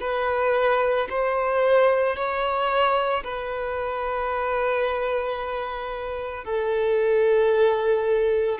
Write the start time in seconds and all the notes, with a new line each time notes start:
0.00 B4
1.10 C5
2.16 C#5
3.23 B4
6.44 A4